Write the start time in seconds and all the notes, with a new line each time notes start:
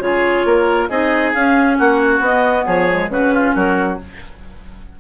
0.00 C#3 F4 G#4 C#5
0.45 A#3 A#4
0.89 C4 D#4 G#4 D#5
1.34 C#4 F5
1.78 A#3 F#4 F#5
2.20 B3 D#5
2.66 F3 G#4 C#5
2.90 G#3
3.10 C#3 C#4 F#4 B4
3.34 F4
3.55 F#3 F#4 A#4